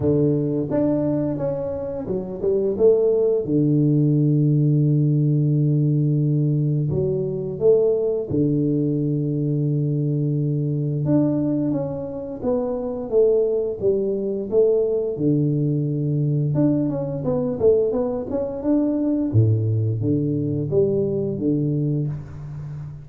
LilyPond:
\new Staff \with { instrumentName = "tuba" } { \time 4/4 \tempo 4 = 87 d4 d'4 cis'4 fis8 g8 | a4 d2.~ | d2 fis4 a4 | d1 |
d'4 cis'4 b4 a4 | g4 a4 d2 | d'8 cis'8 b8 a8 b8 cis'8 d'4 | a,4 d4 g4 d4 | }